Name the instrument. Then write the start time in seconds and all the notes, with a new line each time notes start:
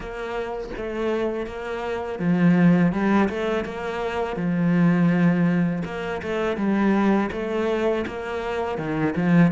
cello
0.00 A#3
0.76 A3
1.46 A#3
2.19 F3
2.92 G3
3.29 A3
3.65 A#3
4.36 F3
5.84 A#3
6.22 A3
6.57 G3
7.32 A3
8.07 A#3
8.78 D#3
9.16 F3